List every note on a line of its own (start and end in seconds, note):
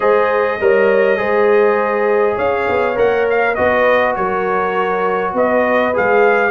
0.00 0.60 G#3
0.00 0.59 G#4
0.00 0.60 C5
0.00 2.37 D#5
0.60 1.18 G3
0.60 1.16 A#4
0.60 1.18 C#5
1.16 2.37 G#3
1.16 2.95 G#4
1.16 2.35 C5
2.35 2.67 C#4
2.35 3.54 C#5
2.35 2.97 F5
2.68 2.98 B3
2.95 3.57 A#3
2.95 3.54 A#4
2.95 3.28 F#5
3.30 3.54 F5
3.54 4.17 B3
3.54 5.93 F#4
3.54 4.16 B4
3.54 4.14 D#5
4.15 5.33 F#3
4.15 5.32 A#4
4.15 5.34 C#5
5.32 5.92 B3
5.32 6.51 B4
5.32 5.96 D#5
5.93 6.51 G#3
5.93 6.51 G#4
5.93 6.51 F5